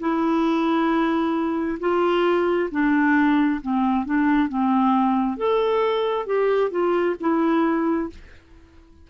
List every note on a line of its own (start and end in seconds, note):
0.00 1.79 E4
1.80 2.70 F4
2.72 3.61 D4
3.62 4.06 C4
4.06 4.49 D4
4.49 5.37 C4
5.37 6.26 A4
6.26 6.71 G4
6.71 7.16 F4
7.20 8.10 E4